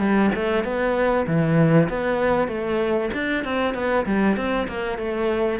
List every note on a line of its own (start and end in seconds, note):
0.00 0.31 G3
0.35 0.65 A3
0.65 1.27 B3
1.27 1.89 E3
1.89 2.48 B3
2.48 3.10 A3
3.14 3.45 D4
3.45 3.75 C4
3.75 4.06 B3
4.06 4.37 G3
4.37 4.68 C4
4.68 4.98 A#3
4.98 5.60 A3